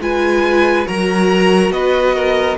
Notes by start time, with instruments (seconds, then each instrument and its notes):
0.00 cello G#3, viola F4, violin B4 G#5
0.85 cello F#3, viola F#4, violin A#4 A#5
1.70 cello B3, violin B4 D#5
2.15 violin A#4